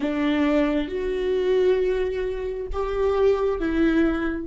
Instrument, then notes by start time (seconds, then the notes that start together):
viola
0.00 D4
0.88 F#4
2.72 G4
3.59 E4